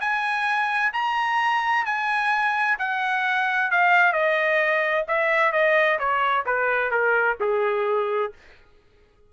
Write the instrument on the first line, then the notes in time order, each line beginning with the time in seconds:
trumpet
0.00 G#5
0.93 A#5
1.85 G#5
2.79 F#5
3.71 F5
4.12 D#5
5.08 E5
5.52 D#5
5.99 C#5
6.46 B4
6.91 A#4
7.40 G#4